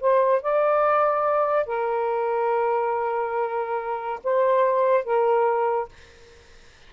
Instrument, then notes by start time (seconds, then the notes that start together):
saxophone
0.00 C5
0.42 D5
1.66 A#4
4.23 C5
5.04 A#4